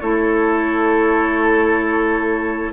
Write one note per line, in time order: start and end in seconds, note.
0.00 2.73 A3
0.00 2.73 E4
0.00 2.73 A4
0.00 2.73 C#5